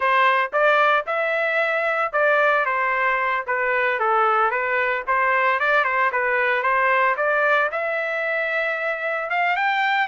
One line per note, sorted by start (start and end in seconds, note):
0.00 0.51 C5
0.52 1.05 D5
1.06 2.12 E5
2.12 2.65 D5
2.65 3.45 C5
3.46 3.99 B4
3.99 4.50 A4
4.50 5.03 B4
5.07 5.59 C5
5.59 5.84 D5
5.84 6.10 C5
6.12 6.62 B4
6.62 7.15 C5
7.16 7.69 D5
7.71 9.29 E5
9.29 9.56 F5
9.56 10.07 G5